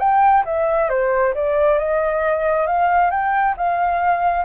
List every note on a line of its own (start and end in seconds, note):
0.00 0.44 G5
0.46 0.90 E5
0.90 1.34 C5
1.35 1.79 D5
1.79 2.67 D#5
2.67 3.11 F5
3.11 3.55 G5
3.57 4.45 F5